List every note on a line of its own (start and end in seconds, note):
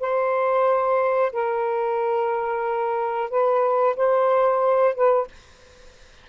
0.00 1.32 C5
1.32 3.30 A#4
3.30 3.96 B4
3.97 4.95 C5
4.95 5.28 B4